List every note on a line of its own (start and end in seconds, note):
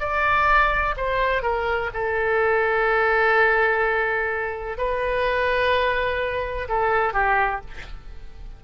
0.00 0.95 D5
0.97 1.43 C5
1.43 1.90 A#4
1.94 4.78 A4
4.78 6.68 B4
6.69 7.13 A4
7.13 7.61 G4